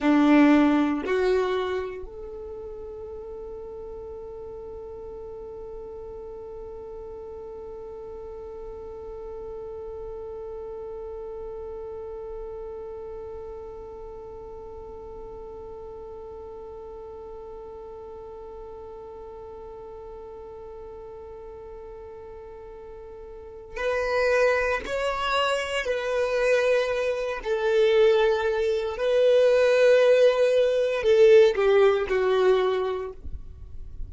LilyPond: \new Staff \with { instrumentName = "violin" } { \time 4/4 \tempo 4 = 58 d'4 fis'4 a'2~ | a'1~ | a'1~ | a'1~ |
a'1~ | a'2. b'4 | cis''4 b'4. a'4. | b'2 a'8 g'8 fis'4 | }